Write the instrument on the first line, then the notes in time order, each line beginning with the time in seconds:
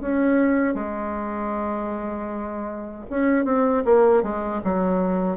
bassoon
0.00 C#4
0.74 G#3
3.10 C#4
3.45 C4
3.85 A#3
4.23 G#3
4.64 F#3